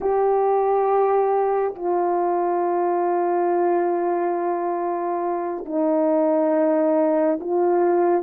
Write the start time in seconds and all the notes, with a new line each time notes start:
0.00 G4
1.75 F4
5.65 D#4
7.40 F4